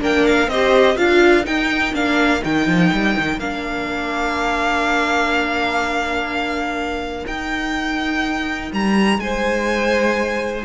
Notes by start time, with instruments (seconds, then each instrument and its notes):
0.00 cello A#3, viola D4, violin A#4 G5
0.27 violin F5
0.48 cello C4, viola G4, violin C5 D#5
0.97 cello D4, viola F4, violin A#4 F5
1.44 viola D#4, cello D#4, violin G5
1.94 cello A#3, viola D4, violin F5
2.41 cello D#3, viola D#4, violin G5
2.67 cello F3
2.93 cello G3
3.19 cello D#3
3.38 cello A#3, viola D4, violin F5
7.27 cello D#4, viola D#4, violin G5
8.73 cello G3, violin A#5
9.18 cello G#3, violin C5 G#5